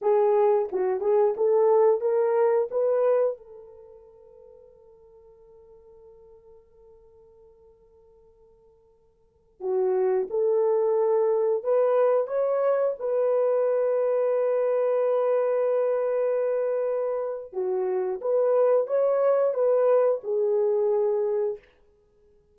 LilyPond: \new Staff \with { instrumentName = "horn" } { \time 4/4 \tempo 4 = 89 gis'4 fis'8 gis'8 a'4 ais'4 | b'4 a'2.~ | a'1~ | a'2~ a'16 fis'4 a'8.~ |
a'4~ a'16 b'4 cis''4 b'8.~ | b'1~ | b'2 fis'4 b'4 | cis''4 b'4 gis'2 | }